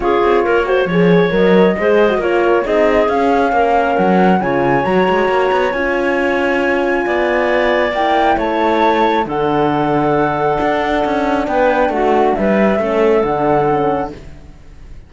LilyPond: <<
  \new Staff \with { instrumentName = "flute" } { \time 4/4 \tempo 4 = 136 cis''2. dis''4~ | dis''4 cis''4 dis''4 f''4~ | f''4 fis''4 gis''4 ais''4~ | ais''4 gis''2.~ |
gis''2 g''4 a''4~ | a''4 fis''2.~ | fis''2 g''4 fis''4 | e''2 fis''2 | }
  \new Staff \with { instrumentName = "clarinet" } { \time 4/4 gis'4 ais'8 c''8 cis''2 | c''4 ais'4 gis'2 | ais'2 cis''2~ | cis''1 |
d''2. cis''4~ | cis''4 a'2.~ | a'2 b'4 fis'4 | b'4 a'2. | }
  \new Staff \with { instrumentName = "horn" } { \time 4/4 f'4. fis'8 gis'4 ais'4 | gis'8. fis'16 f'4 dis'4 cis'4~ | cis'2 f'4 fis'4~ | fis'4 f'2.~ |
f'2 e'2~ | e'4 d'2.~ | d'1~ | d'4 cis'4 d'4 cis'4 | }
  \new Staff \with { instrumentName = "cello" } { \time 4/4 cis'8 c'8 ais4 f4 fis4 | gis4 ais4 c'4 cis'4 | ais4 fis4 cis4 fis8 gis8 | ais8 b8 cis'2. |
b2 ais4 a4~ | a4 d2. | d'4 cis'4 b4 a4 | g4 a4 d2 | }
>>